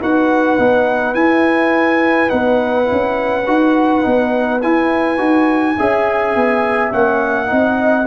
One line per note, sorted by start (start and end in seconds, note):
0.00 0.58 D#4
0.00 0.57 F#4
0.00 5.77 B4
0.00 1.14 F#5
0.57 1.14 B3
0.57 1.15 D#4
1.14 2.30 E4
1.14 2.28 E4
1.14 2.29 G#5
2.28 2.89 B3
2.28 2.85 D#4
2.28 4.60 F#5
2.85 3.43 E4
2.91 3.47 C#4
3.46 4.04 D#4
3.46 4.02 F#4
4.02 4.62 B3
4.02 4.59 D#4
4.61 5.18 E4
4.61 5.17 E4
4.61 6.92 G#5
5.17 5.76 D#4
5.17 5.75 F#4
5.77 6.35 C#4
5.77 6.91 G#4
5.77 7.50 E5
6.35 6.93 B3
6.91 7.51 A#3
6.91 7.45 C#4
6.91 8.06 F#5
7.45 8.06 C4
7.45 8.03 D#4
7.45 8.06 D#5